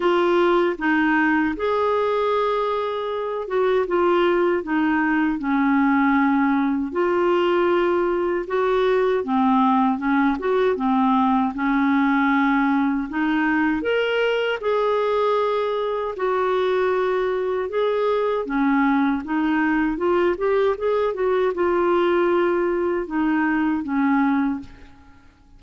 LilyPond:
\new Staff \with { instrumentName = "clarinet" } { \time 4/4 \tempo 4 = 78 f'4 dis'4 gis'2~ | gis'8 fis'8 f'4 dis'4 cis'4~ | cis'4 f'2 fis'4 | c'4 cis'8 fis'8 c'4 cis'4~ |
cis'4 dis'4 ais'4 gis'4~ | gis'4 fis'2 gis'4 | cis'4 dis'4 f'8 g'8 gis'8 fis'8 | f'2 dis'4 cis'4 | }